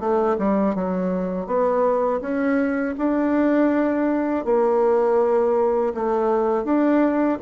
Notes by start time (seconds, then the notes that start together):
0.00 A3
0.38 G3
0.75 F#3
1.47 B3
2.21 C#4
2.98 D4
4.45 A#3
5.94 A3
6.64 D4